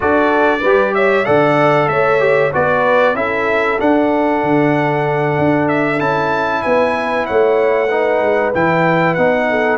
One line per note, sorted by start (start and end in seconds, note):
0.00 0.63 D4
0.00 0.60 F#4
0.00 0.61 A4
0.00 0.94 D5
0.61 1.26 G3
0.61 1.25 G4
0.61 0.92 B4
0.94 1.26 C#5
0.94 1.25 E5
1.25 1.88 D3
1.25 2.19 A4
1.25 1.89 D5
1.25 1.88 F#5
1.88 2.51 A3
1.88 2.53 C#5
1.88 2.51 E5
2.19 2.51 G4
2.52 3.14 B3
2.52 3.15 F#4
2.52 3.16 B4
2.52 3.16 D5
3.14 3.78 C#4
3.14 3.78 E4
3.14 6.63 A4
3.14 3.79 E5
3.79 5.98 D4
3.79 4.43 D4
3.79 5.68 F#5
4.43 5.38 D3
5.38 6.00 D4
5.68 6.00 E5
5.98 6.63 C#4
5.98 7.87 E4
5.98 6.62 A5
6.62 7.29 B3
6.62 7.26 B4
6.62 7.25 G#5
7.26 8.21 A3
7.26 7.88 C#5
7.26 8.52 F#5
7.88 8.54 D#4
7.88 9.46 B4
8.21 8.52 G#3
8.54 9.17 E3
8.54 9.17 E4
8.54 9.14 G5
9.14 9.78 B3
9.14 9.78 D#4
9.14 9.77 F#5
9.49 9.78 A4